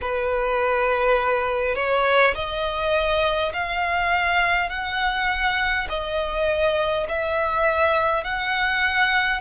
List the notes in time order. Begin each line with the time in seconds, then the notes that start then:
0.01 B4
1.75 C#5
2.34 D#5
3.53 F5
4.70 F#5
5.89 D#5
7.08 E5
8.24 F#5